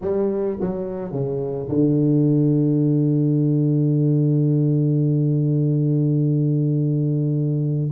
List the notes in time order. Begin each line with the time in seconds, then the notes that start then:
0.01 G3
0.60 F#3
1.11 C#3
1.68 D3